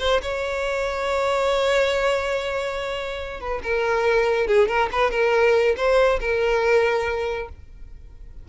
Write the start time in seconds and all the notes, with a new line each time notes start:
0.00 C5
0.22 C#5
3.41 B4
3.63 A#4
4.48 G#4
4.68 A#4
4.92 B4
5.11 A#4
5.77 C5
6.21 A#4